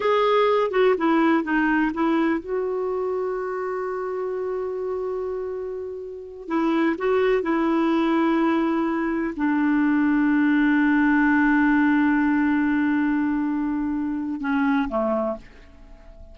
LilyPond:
\new Staff \with { instrumentName = "clarinet" } { \time 4/4 \tempo 4 = 125 gis'4. fis'8 e'4 dis'4 | e'4 fis'2.~ | fis'1~ | fis'4. e'4 fis'4 e'8~ |
e'2.~ e'8 d'8~ | d'1~ | d'1~ | d'2 cis'4 a4 | }